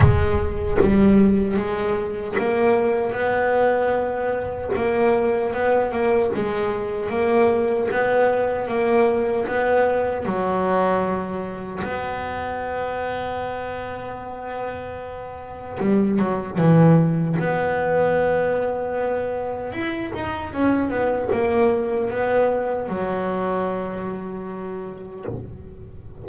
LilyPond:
\new Staff \with { instrumentName = "double bass" } { \time 4/4 \tempo 4 = 76 gis4 g4 gis4 ais4 | b2 ais4 b8 ais8 | gis4 ais4 b4 ais4 | b4 fis2 b4~ |
b1 | g8 fis8 e4 b2~ | b4 e'8 dis'8 cis'8 b8 ais4 | b4 fis2. | }